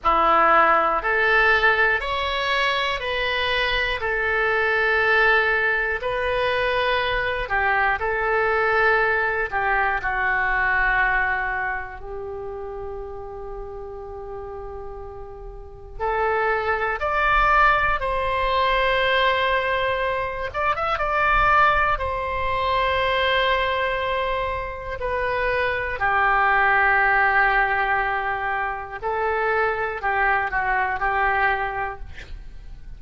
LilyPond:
\new Staff \with { instrumentName = "oboe" } { \time 4/4 \tempo 4 = 60 e'4 a'4 cis''4 b'4 | a'2 b'4. g'8 | a'4. g'8 fis'2 | g'1 |
a'4 d''4 c''2~ | c''8 d''16 e''16 d''4 c''2~ | c''4 b'4 g'2~ | g'4 a'4 g'8 fis'8 g'4 | }